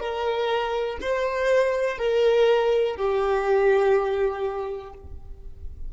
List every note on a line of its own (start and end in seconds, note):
0.00 0.98 A#4
1.01 1.98 C5
1.98 2.96 A#4
2.96 4.93 G4